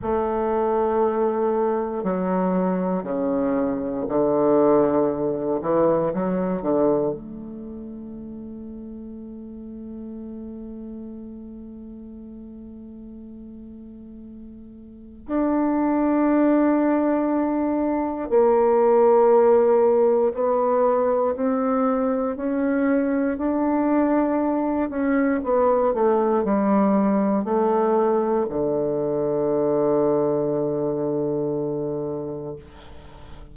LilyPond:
\new Staff \with { instrumentName = "bassoon" } { \time 4/4 \tempo 4 = 59 a2 fis4 cis4 | d4. e8 fis8 d8 a4~ | a1~ | a2. d'4~ |
d'2 ais2 | b4 c'4 cis'4 d'4~ | d'8 cis'8 b8 a8 g4 a4 | d1 | }